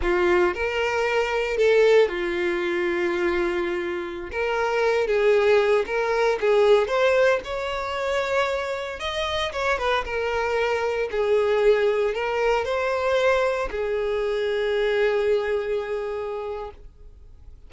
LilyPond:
\new Staff \with { instrumentName = "violin" } { \time 4/4 \tempo 4 = 115 f'4 ais'2 a'4 | f'1~ | f'16 ais'4. gis'4. ais'8.~ | ais'16 gis'4 c''4 cis''4.~ cis''16~ |
cis''4~ cis''16 dis''4 cis''8 b'8 ais'8.~ | ais'4~ ais'16 gis'2 ais'8.~ | ais'16 c''2 gis'4.~ gis'16~ | gis'1 | }